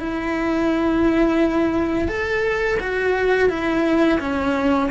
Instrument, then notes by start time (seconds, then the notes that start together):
cello
0.00 E4
2.08 A4
2.80 F#4
3.49 E4
4.20 C#4